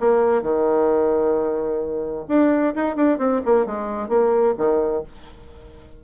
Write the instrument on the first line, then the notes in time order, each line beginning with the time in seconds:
bassoon
0.00 A#3
0.42 D#3
2.29 D4
2.76 D#4
2.96 D4
3.19 C4
3.46 A#3
3.66 G#3
4.09 A#3
4.58 D#3